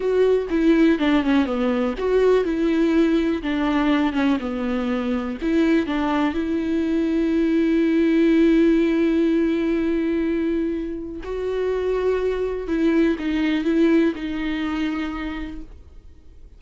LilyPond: \new Staff \with { instrumentName = "viola" } { \time 4/4 \tempo 4 = 123 fis'4 e'4 d'8 cis'8 b4 | fis'4 e'2 d'4~ | d'8 cis'8 b2 e'4 | d'4 e'2.~ |
e'1~ | e'2. fis'4~ | fis'2 e'4 dis'4 | e'4 dis'2. | }